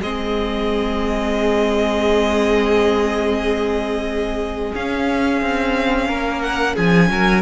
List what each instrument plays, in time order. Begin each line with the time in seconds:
0.00 cello G#3, viola C4, violin G#4 D#5
4.74 cello C#4, viola C#4, violin F5
5.41 cello C4
6.07 cello A#3, violin A#4
6.41 violin F#5
6.74 cello F3, violin G#4 G#5
7.10 cello F#3, violin A#4